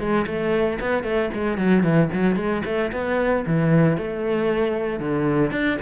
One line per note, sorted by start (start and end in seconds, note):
0.00 0.26 G#3
0.27 0.80 A3
0.81 1.04 B3
1.04 1.30 A3
1.34 1.58 G#3
1.58 1.83 F#3
1.83 2.10 E3
2.13 2.36 F#3
2.36 2.63 G#3
2.66 2.92 A3
2.93 3.45 B3
3.47 3.98 E3
3.98 5.00 A3
5.00 5.52 D3
5.52 5.78 D4